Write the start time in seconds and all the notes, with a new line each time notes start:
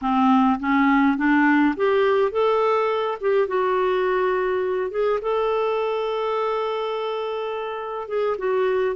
0.01 C4
0.59 C#4
1.17 D4
1.76 G4
2.31 A4
3.20 G4
3.47 F#4
4.90 G#4
5.21 A4
8.07 G#4
8.38 F#4